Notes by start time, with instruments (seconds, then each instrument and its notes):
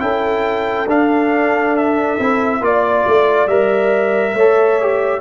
0.00 tuba C#4, trombone E4, horn A4, trumpet G5
0.87 tuba D4, trombone D4, trumpet F5
1.77 trumpet E5
2.19 tuba C4, trombone E4
2.61 tuba A#3, trombone F4, trumpet D5, horn D5
3.07 tuba A3
3.47 tuba G3, trombone A#4, trumpet E5
4.34 tuba A3, trombone A4, horn C#5
4.81 trombone G4